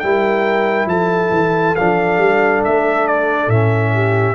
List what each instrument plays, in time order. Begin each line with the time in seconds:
0.00 tuba G3, trombone E4, horn A#4, trumpet G5
0.86 tuba F3, horn A4, trumpet A5
1.32 tuba E3
1.76 tuba F3, trombone D4, trumpet F5
2.18 tuba G3
2.65 tuba A3, trumpet E5
3.08 trumpet D5
3.48 tuba A2, trombone C#4, trumpet E5
3.94 horn G4